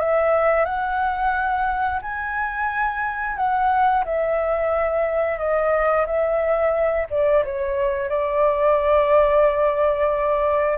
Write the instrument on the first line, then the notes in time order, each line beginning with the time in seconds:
flute
0.00 E5
0.66 F#5
2.03 G#5
3.37 F#5
4.05 E5
5.39 D#5
6.06 E5
7.11 D5
7.45 C#5
8.09 D5